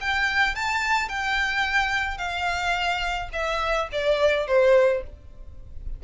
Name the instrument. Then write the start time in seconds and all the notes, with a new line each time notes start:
violin
0.00 G5
0.55 A5
1.08 G5
2.17 F5
3.32 E5
3.92 D5
4.47 C5